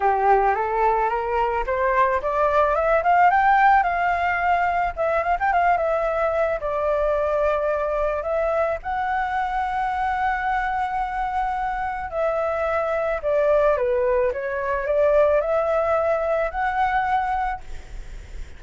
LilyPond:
\new Staff \with { instrumentName = "flute" } { \time 4/4 \tempo 4 = 109 g'4 a'4 ais'4 c''4 | d''4 e''8 f''8 g''4 f''4~ | f''4 e''8 f''16 g''16 f''8 e''4. | d''2. e''4 |
fis''1~ | fis''2 e''2 | d''4 b'4 cis''4 d''4 | e''2 fis''2 | }